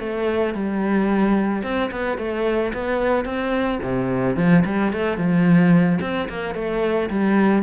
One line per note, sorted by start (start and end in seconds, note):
0.00 0.55 A3
0.55 1.63 G3
1.63 1.91 C4
1.92 2.18 B3
2.18 2.73 A3
2.74 3.25 B3
3.25 3.80 C4
3.83 4.37 C3
4.37 4.64 F3
4.66 4.93 G3
4.93 5.18 A3
5.18 6.00 F3
6.01 6.29 C4
6.30 6.55 A#3
6.55 7.10 A3
7.10 7.63 G3